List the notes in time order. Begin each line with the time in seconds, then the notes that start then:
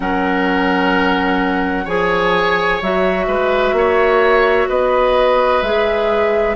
0.00 F#3 C#4 A#4 F#5
1.85 F3 G#4 C#5 G#5
2.81 F#3 F#4 E5
3.27 G#3 B4
3.72 A#3 C#5
4.68 B3 B4 D#5
5.62 G#3 G#4 E5